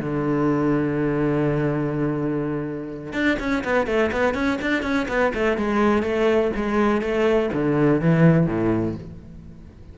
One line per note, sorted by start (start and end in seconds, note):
0.00 3.13 D3
3.13 3.37 D4
3.40 3.64 C#4
3.64 3.87 B3
3.87 4.11 A3
4.12 4.35 B3
4.35 4.59 C#4
4.62 4.83 D4
4.83 5.07 C#4
5.09 5.33 B3
5.34 5.58 A3
5.58 6.03 G#3
6.03 6.51 A3
6.56 7.02 G#3
7.02 7.50 A3
7.53 8.01 D3
8.01 8.47 E3
8.47 8.95 A2